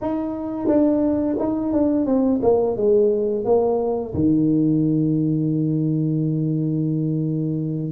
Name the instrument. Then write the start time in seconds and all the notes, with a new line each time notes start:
tuba
0.01 D#4
0.67 D4
1.39 D#4
1.72 D4
2.05 C4
2.42 A#3
2.76 G#3
3.44 A#3
4.14 D#3